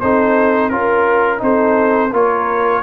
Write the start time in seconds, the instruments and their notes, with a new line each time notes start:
0.00 tuba C4, trombone D#4, horn A4, trumpet C5
0.69 tuba C#4, trombone F4, trumpet A#4, horn A#4
1.38 tuba C4, trombone D#4, horn A4, trumpet C5
2.11 tuba A#3, trombone F4, horn A#4, trumpet C#5